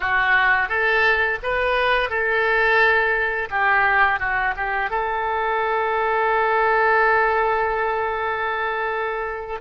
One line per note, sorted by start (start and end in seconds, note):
0.00 0.68 F#4
0.68 1.38 A4
1.43 2.09 B4
2.09 3.49 A4
3.50 4.19 G4
4.19 4.54 F#4
4.56 4.90 G4
4.90 9.61 A4